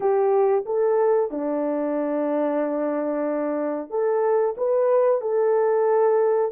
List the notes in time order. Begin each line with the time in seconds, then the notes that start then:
0.00 G4
0.65 A4
1.30 D4
3.90 A4
4.57 B4
5.21 A4